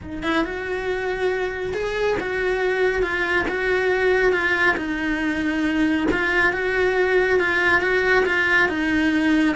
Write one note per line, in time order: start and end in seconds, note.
0.02 0.23 D#4
0.23 0.44 E4
0.44 1.73 F#4
1.73 2.17 G#4
2.20 3.02 F#4
3.02 3.45 F4
3.48 4.32 F#4
4.32 4.75 F4
4.76 6.07 D#4
6.11 6.52 F4
6.52 7.39 F#4
7.39 7.81 F4
7.81 8.24 F#4
8.25 8.68 F4
8.68 9.55 D#4